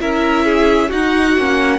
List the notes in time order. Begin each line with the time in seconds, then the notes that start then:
0.00 C#4 E4 A#4 E5
0.45 G#4
0.89 D#4 F#4 F#5
1.37 A#3 C#4